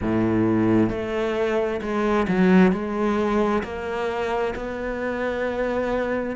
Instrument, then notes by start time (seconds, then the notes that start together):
cello
0.01 A2
0.89 A3
1.81 G#3
2.27 F#3
2.71 G#3
3.63 A#3
4.55 B3